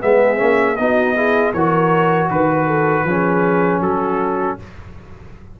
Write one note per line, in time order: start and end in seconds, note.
0.00 0.41 G#3
0.00 0.37 B3
0.00 0.78 G#4
0.00 0.76 E5
0.37 0.78 A#3
0.37 0.75 C#4
0.76 1.53 B3
0.76 1.16 D#4
0.76 1.15 F#4
0.76 1.52 D#5
1.15 1.53 E4
1.15 1.53 G#4
1.53 2.29 E3
1.53 3.08 F#4
1.53 2.29 A#4
1.53 2.29 C#5
2.30 3.04 D#3
2.30 2.66 B4
2.30 3.81 B4
2.66 3.04 A4
3.04 3.80 F3
3.04 4.60 C#4
3.04 3.82 G#4
3.80 4.56 F#3
3.80 4.58 F#4
3.80 4.57 A4